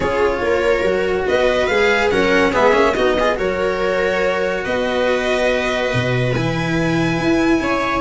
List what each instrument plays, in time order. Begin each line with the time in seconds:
0.00 tuba C#4, cello F4, viola G#4, violin C#5
0.41 tuba A#3, viola A#4
0.82 tuba F#3, cello F#4
1.27 tuba B3, viola B4, violin D#5
1.66 tuba G#3, cello G#4, violin F5
2.10 tuba F#3, cello C#4, viola A#4, violin F#5
2.51 tuba G#3, cello B3, viola G#4, violin E5
2.72 tuba A#3, cello C#4
2.94 tuba B3, cello D#4, viola F#4, violin D#5
3.18 cello F4, viola G#4
3.36 tuba F#3, cello F#4, viola A#4, violin C#5
4.64 tuba B3, viola B4, violin D#5
5.93 tuba B2
6.34 tuba E3, cello E4, violin G#5
7.18 tuba E4
7.60 tuba C#4, viola C#5